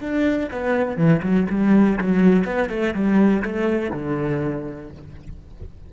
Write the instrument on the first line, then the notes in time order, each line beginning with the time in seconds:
cello
0.00 D4
0.51 B3
0.97 E3
1.22 F#3
1.49 G3
1.98 F#3
2.44 B3
2.69 A3
2.94 G3
3.42 A3
3.91 D3